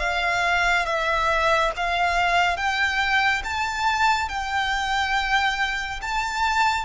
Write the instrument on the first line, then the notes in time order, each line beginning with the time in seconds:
violin
0.00 F5
0.86 E5
1.76 F5
2.57 G5
3.44 A5
4.29 G5
6.02 A5